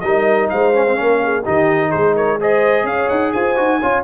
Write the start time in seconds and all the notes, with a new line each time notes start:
0.00 G3 D#4 A#4 D#5
0.49 G#3 C5 F5
0.74 C#4
0.87 C4
0.95 A#3 C#4 A#4
1.23 G#4
1.42 D#3 D#4 G4 D#5
1.89 G#3 G#4 C5
2.15 A#4 C#5
2.40 G#4 C5 D#5
2.83 C#4 C#5 F5
3.09 D#4 F#5
3.32 F4 C5 G#5
3.56 D#4 F#4
3.80 C#4 F4 C#5